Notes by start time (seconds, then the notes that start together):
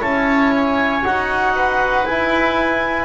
0.00 C#4 E4 C#5 A5
0.54 G#5
1.03 D#4 F#4 F#5
1.55 B4
2.05 E4 G#5